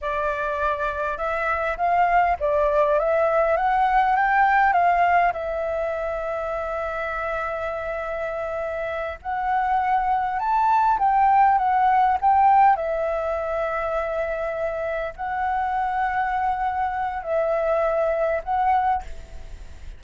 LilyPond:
\new Staff \with { instrumentName = "flute" } { \time 4/4 \tempo 4 = 101 d''2 e''4 f''4 | d''4 e''4 fis''4 g''4 | f''4 e''2.~ | e''2.~ e''8 fis''8~ |
fis''4. a''4 g''4 fis''8~ | fis''8 g''4 e''2~ e''8~ | e''4. fis''2~ fis''8~ | fis''4 e''2 fis''4 | }